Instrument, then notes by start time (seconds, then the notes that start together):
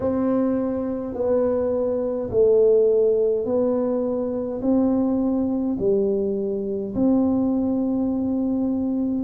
tuba
0.00 C4
1.14 B3
2.30 A3
3.45 B3
4.62 C4
5.78 G3
6.94 C4